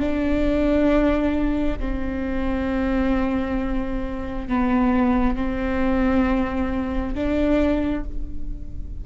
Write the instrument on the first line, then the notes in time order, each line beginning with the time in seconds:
viola
0.00 D4
1.80 C4
4.49 B3
5.36 C4
7.15 D4